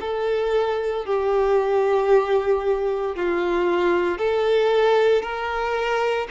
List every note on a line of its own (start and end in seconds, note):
0.00 1.05 A4
1.05 3.15 G4
3.15 4.18 F4
4.18 5.22 A4
5.22 6.27 A#4